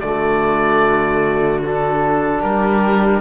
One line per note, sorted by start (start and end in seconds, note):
0.00 2.42 D3
0.00 1.64 A3
0.00 2.40 F#4
0.00 1.60 D5
1.64 3.21 D4
1.64 2.43 A4
2.40 3.21 G3
2.40 3.20 G4
2.40 3.21 A#4